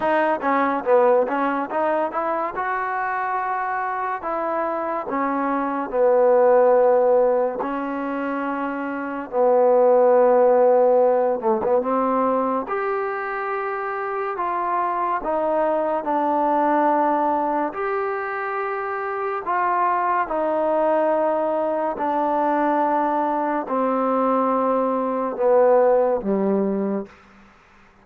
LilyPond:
\new Staff \with { instrumentName = "trombone" } { \time 4/4 \tempo 4 = 71 dis'8 cis'8 b8 cis'8 dis'8 e'8 fis'4~ | fis'4 e'4 cis'4 b4~ | b4 cis'2 b4~ | b4. a16 b16 c'4 g'4~ |
g'4 f'4 dis'4 d'4~ | d'4 g'2 f'4 | dis'2 d'2 | c'2 b4 g4 | }